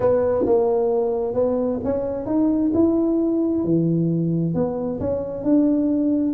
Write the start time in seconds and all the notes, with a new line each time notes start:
0.00 B3
0.45 A#3
1.34 B3
1.84 C#4
2.26 D#4
2.74 E4
3.63 E3
4.54 B3
5.00 C#4
5.43 D4